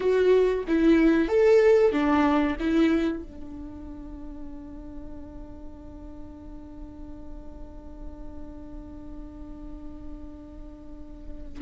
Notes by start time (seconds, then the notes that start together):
0.00 F#4
0.67 E4
1.28 A4
1.92 D4
2.59 E4
3.23 D4